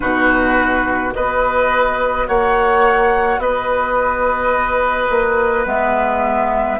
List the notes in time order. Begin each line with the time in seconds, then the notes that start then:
0.00 B2 D#4 F#4 B4
1.12 B3 F#4 B4 D#5
2.27 A#3 C#5 F#5
3.37 B3 B4 D#5
5.10 A#3
5.65 G#3 B3 E5